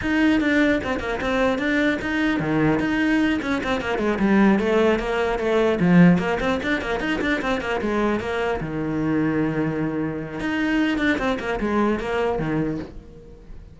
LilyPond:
\new Staff \with { instrumentName = "cello" } { \time 4/4 \tempo 4 = 150 dis'4 d'4 c'8 ais8 c'4 | d'4 dis'4 dis4 dis'4~ | dis'8 cis'8 c'8 ais8 gis8 g4 a8~ | a8 ais4 a4 f4 ais8 |
c'8 d'8 ais8 dis'8 d'8 c'8 ais8 gis8~ | gis8 ais4 dis2~ dis8~ | dis2 dis'4. d'8 | c'8 ais8 gis4 ais4 dis4 | }